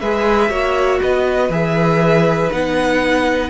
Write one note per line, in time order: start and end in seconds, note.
0.00 0.49 G#3
0.00 0.50 G#4
0.00 0.50 B4
0.00 1.00 E5
0.49 0.99 A#3
0.49 1.50 F#4
0.49 1.00 C#5
1.02 1.49 B3
1.02 3.50 B4
1.02 1.52 D#5
1.49 2.49 E3
1.49 2.51 G#4
1.49 2.51 E5
2.51 3.50 B3
2.51 3.50 D#4
2.51 3.50 F#5